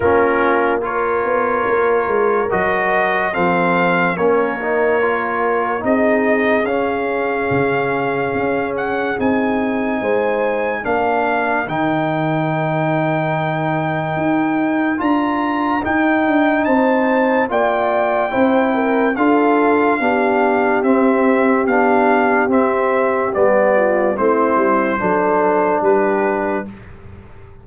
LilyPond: <<
  \new Staff \with { instrumentName = "trumpet" } { \time 4/4 \tempo 4 = 72 ais'4 cis''2 dis''4 | f''4 cis''2 dis''4 | f''2~ f''8 fis''8 gis''4~ | gis''4 f''4 g''2~ |
g''2 ais''4 g''4 | a''4 g''2 f''4~ | f''4 e''4 f''4 e''4 | d''4 c''2 b'4 | }
  \new Staff \with { instrumentName = "horn" } { \time 4/4 f'4 ais'2. | a'4 ais'2 gis'4~ | gis'1 | c''4 ais'2.~ |
ais'1 | c''4 d''4 c''8 ais'8 a'4 | g'1~ | g'8 f'8 e'4 a'4 g'4 | }
  \new Staff \with { instrumentName = "trombone" } { \time 4/4 cis'4 f'2 fis'4 | c'4 cis'8 dis'8 f'4 dis'4 | cis'2. dis'4~ | dis'4 d'4 dis'2~ |
dis'2 f'4 dis'4~ | dis'4 f'4 e'4 f'4 | d'4 c'4 d'4 c'4 | b4 c'4 d'2 | }
  \new Staff \with { instrumentName = "tuba" } { \time 4/4 ais4. b8 ais8 gis8 fis4 | f4 ais2 c'4 | cis'4 cis4 cis'4 c'4 | gis4 ais4 dis2~ |
dis4 dis'4 d'4 dis'8 d'8 | c'4 ais4 c'4 d'4 | b4 c'4 b4 c'4 | g4 a8 g8 fis4 g4 | }
>>